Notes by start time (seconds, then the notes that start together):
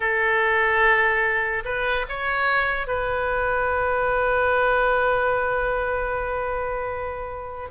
0.00 A4
1.64 B4
2.08 C#5
2.87 B4